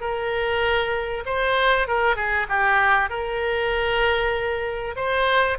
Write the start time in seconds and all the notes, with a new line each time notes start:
0.00 A#4
1.25 C5
1.88 A#4
2.16 G#4
2.49 G4
3.09 A#4
4.96 C5